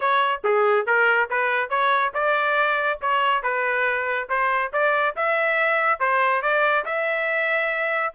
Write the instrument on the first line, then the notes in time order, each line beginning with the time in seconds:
trumpet
0.00 C#5
0.44 G#4
0.86 A#4
1.30 B4
1.69 C#5
2.14 D5
3.01 C#5
3.42 B4
4.29 C5
4.72 D5
5.16 E5
5.99 C5
6.42 D5
6.85 E5